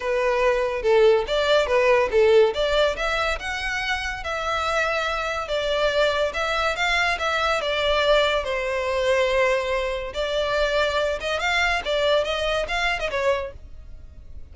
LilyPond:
\new Staff \with { instrumentName = "violin" } { \time 4/4 \tempo 4 = 142 b'2 a'4 d''4 | b'4 a'4 d''4 e''4 | fis''2 e''2~ | e''4 d''2 e''4 |
f''4 e''4 d''2 | c''1 | d''2~ d''8 dis''8 f''4 | d''4 dis''4 f''8. dis''16 cis''4 | }